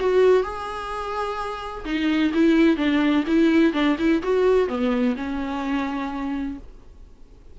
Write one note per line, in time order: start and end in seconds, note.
0.00 0.43 F#4
0.43 1.85 G#4
1.85 2.33 D#4
2.34 2.77 E4
2.77 3.24 D4
3.27 3.73 E4
3.73 3.97 D4
3.99 4.23 E4
4.23 4.68 F#4
4.68 5.16 B3
5.17 6.58 C#4